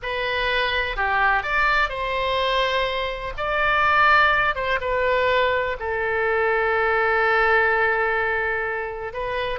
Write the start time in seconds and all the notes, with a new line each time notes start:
0.02 B4
0.96 G4
1.42 D5
1.89 C5
3.37 D5
4.55 C5
4.80 B4
5.79 A4
9.13 B4